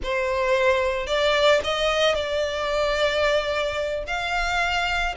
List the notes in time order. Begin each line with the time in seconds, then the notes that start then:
0.03 C5
1.07 D5
1.63 D#5
2.14 D5
4.07 F5